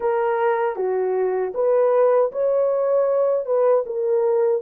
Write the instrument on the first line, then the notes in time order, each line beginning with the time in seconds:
horn
0.00 A#4
0.76 F#4
1.54 B4
2.31 C#5
3.45 B4
3.85 A#4